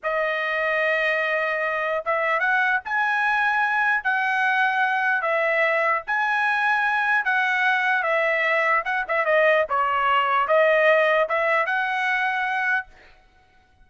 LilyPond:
\new Staff \with { instrumentName = "trumpet" } { \time 4/4 \tempo 4 = 149 dis''1~ | dis''4 e''4 fis''4 gis''4~ | gis''2 fis''2~ | fis''4 e''2 gis''4~ |
gis''2 fis''2 | e''2 fis''8 e''8 dis''4 | cis''2 dis''2 | e''4 fis''2. | }